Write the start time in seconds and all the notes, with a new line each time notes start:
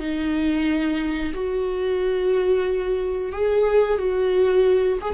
0.00 D#4
1.35 F#4
3.32 G#4
3.99 F#4
5.02 G#4